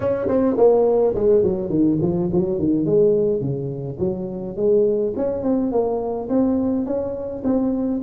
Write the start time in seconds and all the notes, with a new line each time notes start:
0.00 C#4
0.28 C4
0.57 A#3
1.14 G#3
1.43 F#3
1.69 D#3
2.01 F3
2.32 F#3
2.58 D#3
2.85 G#3
3.40 C#3
3.99 F#3
4.56 G#3
5.16 C#4
5.43 C4
5.71 A#3
6.29 C4
6.85 C#4
7.44 C4